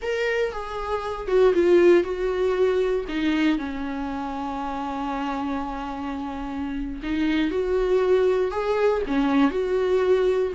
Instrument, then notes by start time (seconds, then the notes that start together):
viola
0.01 A#4
0.52 G#4
1.27 F#4
1.54 F4
2.03 F#4
3.08 D#4
3.58 C#4
7.02 D#4
7.50 F#4
8.51 G#4
9.07 C#4
9.51 F#4